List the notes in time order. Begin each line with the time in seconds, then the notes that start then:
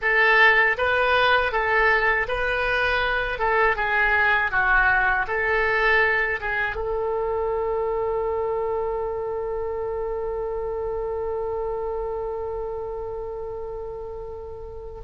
0.01 A4
0.77 B4
1.52 A4
2.27 B4
3.38 A4
3.76 G#4
4.51 F#4
5.27 A4
6.40 G#4
6.75 A4